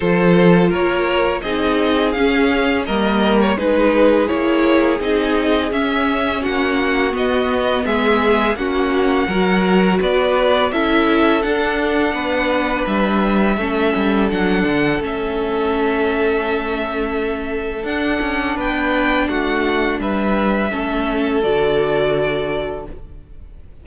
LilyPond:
<<
  \new Staff \with { instrumentName = "violin" } { \time 4/4 \tempo 4 = 84 c''4 cis''4 dis''4 f''4 | dis''8. cis''16 b'4 cis''4 dis''4 | e''4 fis''4 dis''4 e''4 | fis''2 d''4 e''4 |
fis''2 e''2 | fis''4 e''2.~ | e''4 fis''4 g''4 fis''4 | e''2 d''2 | }
  \new Staff \with { instrumentName = "violin" } { \time 4/4 a'4 ais'4 gis'2 | ais'4 gis'2.~ | gis'4 fis'2 gis'4 | fis'4 ais'4 b'4 a'4~ |
a'4 b'2 a'4~ | a'1~ | a'2 b'4 fis'4 | b'4 a'2. | }
  \new Staff \with { instrumentName = "viola" } { \time 4/4 f'2 dis'4 cis'4 | ais4 dis'4 e'4 dis'4 | cis'2 b2 | cis'4 fis'2 e'4 |
d'2. cis'4 | d'4 cis'2.~ | cis'4 d'2.~ | d'4 cis'4 fis'2 | }
  \new Staff \with { instrumentName = "cello" } { \time 4/4 f4 ais4 c'4 cis'4 | g4 gis4 ais4 c'4 | cis'4 ais4 b4 gis4 | ais4 fis4 b4 cis'4 |
d'4 b4 g4 a8 g8 | fis8 d8 a2.~ | a4 d'8 cis'8 b4 a4 | g4 a4 d2 | }
>>